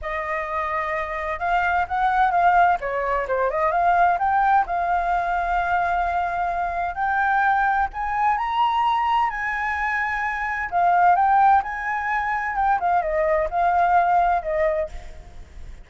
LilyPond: \new Staff \with { instrumentName = "flute" } { \time 4/4 \tempo 4 = 129 dis''2. f''4 | fis''4 f''4 cis''4 c''8 dis''8 | f''4 g''4 f''2~ | f''2. g''4~ |
g''4 gis''4 ais''2 | gis''2. f''4 | g''4 gis''2 g''8 f''8 | dis''4 f''2 dis''4 | }